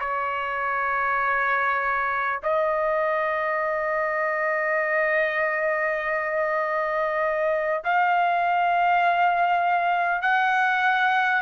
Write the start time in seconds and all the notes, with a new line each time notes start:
0.00 C#5
2.43 D#5
7.84 F5
10.22 F#5